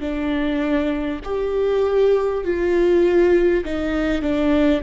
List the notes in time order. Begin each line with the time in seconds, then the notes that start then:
0.00 D4
1.24 G4
2.44 F4
3.64 D#4
4.22 D4